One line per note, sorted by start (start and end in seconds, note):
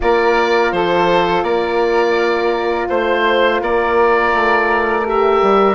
0.00 0.72 A#3
0.00 5.03 F4
0.00 0.74 A#4
0.00 0.72 D5
0.72 1.42 F3
0.72 1.44 A4
0.72 1.43 C5
1.42 2.87 A#3
1.42 2.89 A#4
1.42 2.88 D5
2.89 3.61 A3
2.89 3.61 C5
3.61 4.33 A#3
3.61 5.75 A#4
3.61 5.07 D5
4.33 5.42 A3
5.05 5.75 G4
5.05 5.75 E5
5.42 5.75 G3